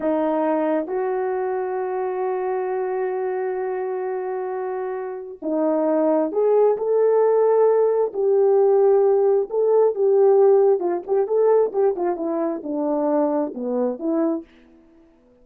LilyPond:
\new Staff \with { instrumentName = "horn" } { \time 4/4 \tempo 4 = 133 dis'2 fis'2~ | fis'1~ | fis'1 | dis'2 gis'4 a'4~ |
a'2 g'2~ | g'4 a'4 g'2 | f'8 g'8 a'4 g'8 f'8 e'4 | d'2 b4 e'4 | }